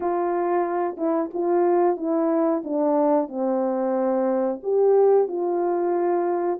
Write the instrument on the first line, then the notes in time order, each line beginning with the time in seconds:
horn
0.00 F4
0.97 E4
1.33 F4
1.96 E4
2.63 D4
3.28 C4
4.62 G4
5.28 F4